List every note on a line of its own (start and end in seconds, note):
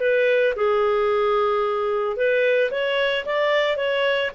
0.00 0.54 B4
0.56 2.17 G#4
2.17 2.71 B4
2.71 3.25 C#5
3.25 3.77 D5
3.77 4.31 C#5